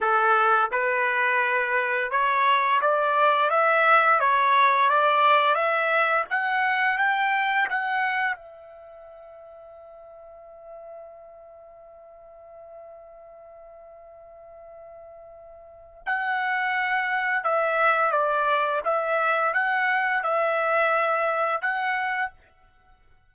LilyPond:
\new Staff \with { instrumentName = "trumpet" } { \time 4/4 \tempo 4 = 86 a'4 b'2 cis''4 | d''4 e''4 cis''4 d''4 | e''4 fis''4 g''4 fis''4 | e''1~ |
e''1~ | e''2. fis''4~ | fis''4 e''4 d''4 e''4 | fis''4 e''2 fis''4 | }